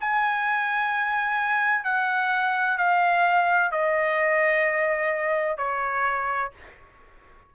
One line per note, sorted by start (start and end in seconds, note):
0.00 1.84 G#5
1.84 2.77 F#5
2.77 3.71 F5
3.71 5.57 D#5
5.57 6.51 C#5